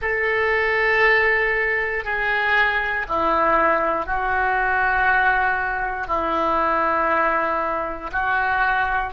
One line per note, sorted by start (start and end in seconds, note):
0.01 2.04 A4
2.04 3.06 G#4
3.08 4.05 E4
4.05 6.07 F#4
6.07 8.10 E4
8.11 9.13 F#4